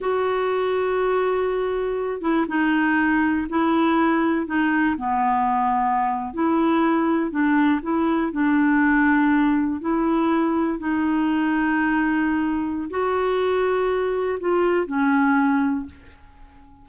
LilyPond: \new Staff \with { instrumentName = "clarinet" } { \time 4/4 \tempo 4 = 121 fis'1~ | fis'8 e'8 dis'2 e'4~ | e'4 dis'4 b2~ | b8. e'2 d'4 e'16~ |
e'8. d'2. e'16~ | e'4.~ e'16 dis'2~ dis'16~ | dis'2 fis'2~ | fis'4 f'4 cis'2 | }